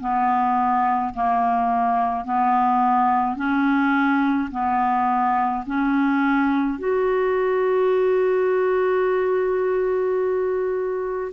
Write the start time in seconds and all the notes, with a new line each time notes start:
0.00 B3
1.14 A#3
2.25 B3
3.36 C#4
4.51 B3
5.66 C#4
6.79 F#4